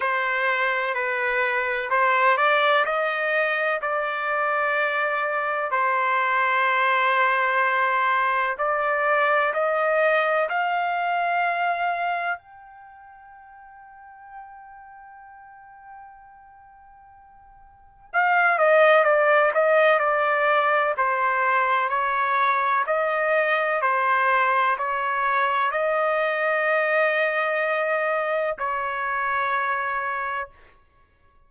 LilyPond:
\new Staff \with { instrumentName = "trumpet" } { \time 4/4 \tempo 4 = 63 c''4 b'4 c''8 d''8 dis''4 | d''2 c''2~ | c''4 d''4 dis''4 f''4~ | f''4 g''2.~ |
g''2. f''8 dis''8 | d''8 dis''8 d''4 c''4 cis''4 | dis''4 c''4 cis''4 dis''4~ | dis''2 cis''2 | }